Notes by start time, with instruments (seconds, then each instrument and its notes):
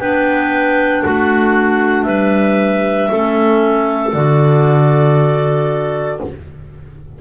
0.00 double bass B3, clarinet D4 B4 G5
1.03 double bass A3, clarinet F#4 F#5
2.04 double bass G3, clarinet B4 E5
3.10 double bass A3, clarinet C#4 A4
4.14 double bass D3, clarinet F#4 D5